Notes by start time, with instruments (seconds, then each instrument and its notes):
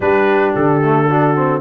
0.00 tuba G3, trombone D4, horn G4, trumpet B4
0.55 tuba D3, trumpet A4
0.82 trombone A3
1.08 trombone D4, horn F#4
1.35 trombone C4